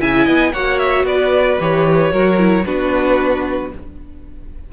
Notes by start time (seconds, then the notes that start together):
0.00 C#3 E4 E5 G#5
0.25 B3 D#5
0.53 A#3 F#4 C#5 F#5
0.79 E5
1.04 B3 B4 D5
1.60 E3 G4 C#5
2.11 F#3 F#4 A#4
2.38 E4
2.65 B3 D4 F#4 B4